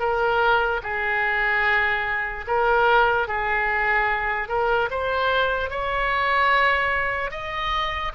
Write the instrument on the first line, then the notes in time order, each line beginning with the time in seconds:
oboe
0.00 A#4
0.83 G#4
2.48 A#4
3.28 G#4
4.49 A#4
4.91 C5
5.70 C#5
7.31 D#5